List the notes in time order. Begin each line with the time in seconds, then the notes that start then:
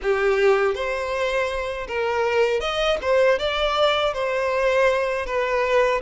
0.02 G4
0.74 C5
1.87 A#4
2.60 D#5
3.01 C5
3.39 D5
4.13 C5
5.26 B4